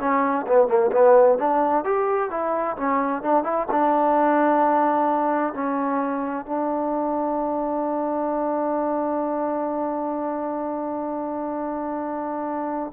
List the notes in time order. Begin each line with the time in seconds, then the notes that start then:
0.00 C#4
0.47 B3
0.68 A#3
0.92 B3
1.38 D4
1.85 G4
2.30 E4
2.77 C#4
3.23 D4
3.44 E4
3.71 D4
5.54 C#4
6.46 D4